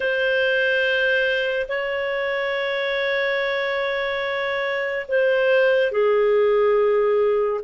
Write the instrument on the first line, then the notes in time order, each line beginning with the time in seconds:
clarinet
0.00 C5
1.68 C#5
5.08 C5
5.91 G#4